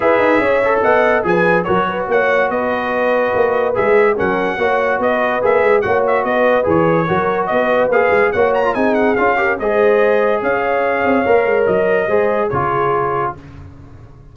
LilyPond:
<<
  \new Staff \with { instrumentName = "trumpet" } { \time 4/4 \tempo 4 = 144 e''2 fis''4 gis''4 | cis''4 fis''4 dis''2~ | dis''4 e''4 fis''2 | dis''4 e''4 fis''8 e''8 dis''4 |
cis''2 dis''4 f''4 | fis''8 ais''8 gis''8 fis''8 f''4 dis''4~ | dis''4 f''2. | dis''2 cis''2 | }
  \new Staff \with { instrumentName = "horn" } { \time 4/4 b'4 cis''4 dis''4 b'4 | ais'8 b'8 cis''4 b'2~ | b'2 ais'4 cis''4 | b'2 cis''4 b'4~ |
b'4 ais'4 b'2 | cis''4 gis'4. ais'8 c''4~ | c''4 cis''2.~ | cis''4 c''4 gis'2 | }
  \new Staff \with { instrumentName = "trombone" } { \time 4/4 gis'4. a'4. gis'4 | fis'1~ | fis'4 gis'4 cis'4 fis'4~ | fis'4 gis'4 fis'2 |
gis'4 fis'2 gis'4 | fis'8. f'16 dis'4 f'8 g'8 gis'4~ | gis'2. ais'4~ | ais'4 gis'4 f'2 | }
  \new Staff \with { instrumentName = "tuba" } { \time 4/4 e'8 dis'8 cis'4 b4 f4 | fis4 ais4 b2 | ais4 gis4 fis4 ais4 | b4 ais8 gis8 ais4 b4 |
e4 fis4 b4 ais8 gis8 | ais4 c'4 cis'4 gis4~ | gis4 cis'4. c'8 ais8 gis8 | fis4 gis4 cis2 | }
>>